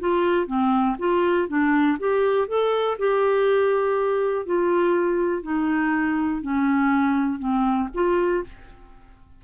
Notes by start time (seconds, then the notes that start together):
0.00 F4
0.47 C4
0.99 F4
1.49 D4
1.99 G4
2.48 A4
2.99 G4
4.46 F4
5.43 D#4
6.42 C#4
7.39 C4
7.95 F4